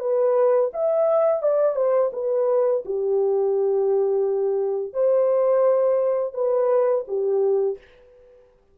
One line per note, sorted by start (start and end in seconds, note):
0.00 0.71 B4
0.73 1.43 E5
1.43 1.76 D5
1.76 2.11 C5
2.13 2.84 B4
2.85 4.93 G4
4.93 6.34 C5
6.34 7.05 B4
7.08 7.78 G4